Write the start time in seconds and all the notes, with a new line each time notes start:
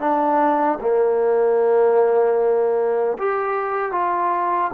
0.00 D4
0.81 A#3
3.18 G4
3.92 F4